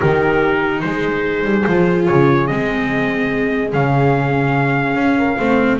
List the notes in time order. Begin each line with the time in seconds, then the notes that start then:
0.00 D#3 D#4 G4 A#4
0.81 G#3 G#4 C5
1.43 G3
1.67 F3 F4
2.06 C#3 C#5
2.46 G#3 C4 D#5
3.72 C#3 C#4 F5
4.95 C#4
5.17 A#4
5.37 A3 C4 C5